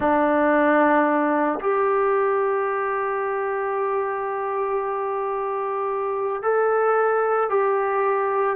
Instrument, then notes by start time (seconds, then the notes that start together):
trombone
0.00 D4
1.60 G4
6.42 A4
7.50 G4